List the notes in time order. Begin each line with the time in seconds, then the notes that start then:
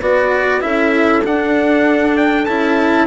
0.00 B3 F#4 B4 D5
0.60 C#4 E4 A4 E5
1.24 D4 F#5
2.17 G5
2.45 C#4 E4 A5